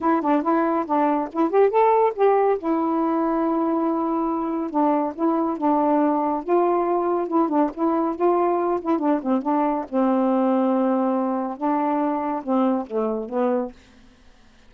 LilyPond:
\new Staff \with { instrumentName = "saxophone" } { \time 4/4 \tempo 4 = 140 e'8 d'8 e'4 d'4 e'8 g'8 | a'4 g'4 e'2~ | e'2. d'4 | e'4 d'2 f'4~ |
f'4 e'8 d'8 e'4 f'4~ | f'8 e'8 d'8 c'8 d'4 c'4~ | c'2. d'4~ | d'4 c'4 a4 b4 | }